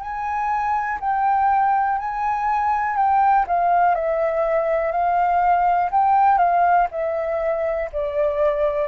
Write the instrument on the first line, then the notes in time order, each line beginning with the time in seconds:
flute
0.00 G#5
1.00 G5
1.98 G#5
2.96 G5
3.47 F5
3.94 E5
4.91 F5
5.91 G5
6.38 F5
6.91 E5
7.92 D5